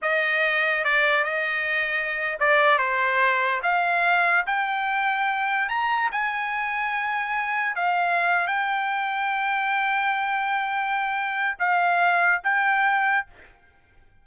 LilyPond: \new Staff \with { instrumentName = "trumpet" } { \time 4/4 \tempo 4 = 145 dis''2 d''4 dis''4~ | dis''4.~ dis''16 d''4 c''4~ c''16~ | c''8. f''2 g''4~ g''16~ | g''4.~ g''16 ais''4 gis''4~ gis''16~ |
gis''2~ gis''8. f''4~ f''16~ | f''8 g''2.~ g''8~ | g''1 | f''2 g''2 | }